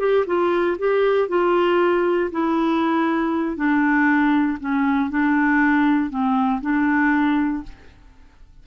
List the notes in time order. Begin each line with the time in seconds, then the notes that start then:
0.00 G4
0.27 F4
0.79 G4
1.29 F4
2.32 E4
3.57 D4
4.60 C#4
5.11 D4
6.10 C4
6.62 D4